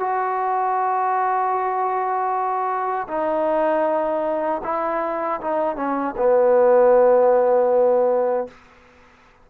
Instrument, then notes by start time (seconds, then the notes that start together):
trombone
0.00 F#4
3.08 D#4
4.64 E4
5.41 D#4
5.77 C#4
6.17 B3